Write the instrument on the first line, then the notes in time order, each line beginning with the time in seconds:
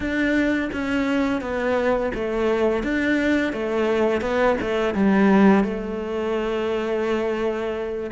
cello
0.00 D4
0.73 C#4
1.41 B3
2.14 A3
2.83 D4
3.52 A3
4.21 B3
4.61 A3
4.94 G3
5.63 A3